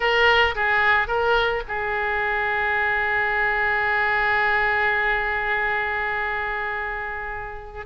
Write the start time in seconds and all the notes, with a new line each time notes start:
0.00 A#4
0.55 G#4
1.07 A#4
1.67 G#4